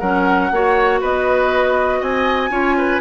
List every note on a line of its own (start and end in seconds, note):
0.00 0.51 F#3
0.00 0.53 C#4
0.00 0.50 A#4
0.00 1.00 F#5
0.51 1.01 A#3
0.51 2.51 F#4
0.51 1.01 C#5
1.01 2.02 B3
1.01 2.00 B4
1.01 2.03 D#5
2.00 2.50 C4
2.00 2.50 D#5
2.00 3.01 G#5
2.50 3.00 C#4
2.50 3.01 F4
2.50 2.76 C#5
2.78 3.01 B4